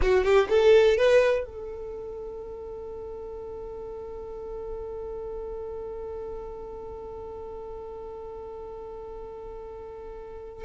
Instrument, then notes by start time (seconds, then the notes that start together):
violin
0.01 F#4
0.24 G4
0.49 A4
0.97 B4
1.45 A4